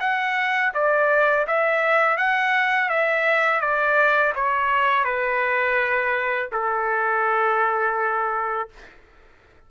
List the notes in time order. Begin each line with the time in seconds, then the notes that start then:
0.00 F#5
0.74 D5
1.47 E5
2.17 F#5
2.89 E5
3.61 D5
4.35 C#5
5.04 B4
6.52 A4